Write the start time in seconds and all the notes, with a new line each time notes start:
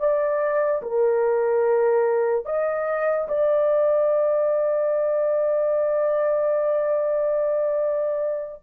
0.00 D5
0.83 A#4
2.46 D#5
3.28 D5